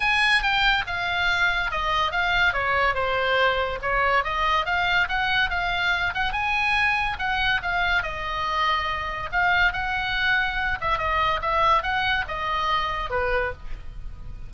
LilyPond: \new Staff \with { instrumentName = "oboe" } { \time 4/4 \tempo 4 = 142 gis''4 g''4 f''2 | dis''4 f''4 cis''4 c''4~ | c''4 cis''4 dis''4 f''4 | fis''4 f''4. fis''8 gis''4~ |
gis''4 fis''4 f''4 dis''4~ | dis''2 f''4 fis''4~ | fis''4. e''8 dis''4 e''4 | fis''4 dis''2 b'4 | }